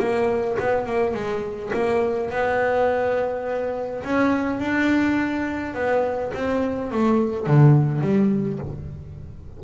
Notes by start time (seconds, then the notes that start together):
0.00 A#3
0.60 B3
0.87 A#3
1.15 G#3
1.74 A#3
2.31 B3
4.05 C#4
4.60 D4
5.75 B3
6.35 C4
6.92 A3
7.47 D3
8.02 G3